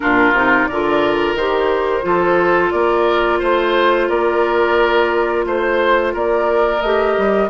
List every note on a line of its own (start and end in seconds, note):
0.00 0.33 A#2
0.00 0.33 D4
0.00 0.68 F4
0.00 0.66 A#4
0.33 0.67 C3
0.33 0.69 D#4
0.66 1.34 D3
0.66 1.38 F4
0.66 2.05 A#4
0.66 1.34 D5
1.34 2.02 D#3
1.34 2.02 G4
1.34 2.71 C5
2.02 2.72 F3
2.02 6.79 F4
2.02 2.73 A4
2.71 3.41 A#3
2.71 3.39 A#4
2.71 3.39 D5
3.39 4.09 A3
3.39 4.07 C5
3.39 4.09 C5
4.08 5.45 A#3
4.08 5.45 A#4
4.08 5.45 D5
5.45 6.13 A3
5.45 6.14 C5
5.45 6.13 C5
6.13 6.81 A#3
6.13 7.49 A#4
6.13 6.81 D5
6.81 7.15 A3
6.81 7.49 G4
6.81 7.49 D#5
7.17 7.49 G3